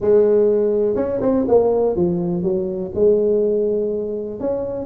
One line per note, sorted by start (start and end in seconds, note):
0.00 0.95 G#3
0.95 1.20 C#4
1.21 1.45 C4
1.47 1.96 A#3
1.96 2.43 F3
2.43 2.91 F#3
2.94 4.39 G#3
4.39 4.85 C#4